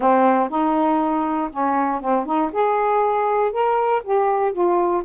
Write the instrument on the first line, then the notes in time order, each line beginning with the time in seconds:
saxophone
0.00 C4
0.49 D#4
1.51 C#4
2.01 C4
2.25 D#4
2.52 G#4
3.52 A#4
4.03 G4
4.52 F4